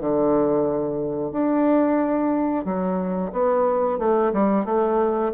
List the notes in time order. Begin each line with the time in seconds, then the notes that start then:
0.00 D3
1.32 D4
2.65 F#3
3.32 B3
3.98 A3
4.32 G3
4.65 A3